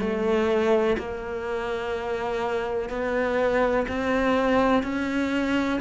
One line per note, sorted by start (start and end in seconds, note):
0.00 0.97 A3
0.98 2.89 A#3
2.89 3.86 B3
3.88 4.83 C4
4.83 5.80 C#4